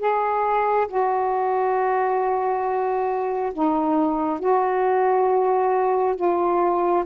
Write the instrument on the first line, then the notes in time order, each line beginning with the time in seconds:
saxophone
0.00 G#4
0.88 F#4
3.53 D#4
4.40 F#4
6.16 F4